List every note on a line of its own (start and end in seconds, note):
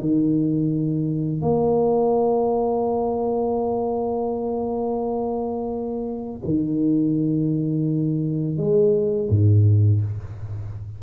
0.00 1.41 D#3
1.41 6.41 A#3
6.44 8.57 D#3
8.57 9.28 G#3
9.29 10.01 G#2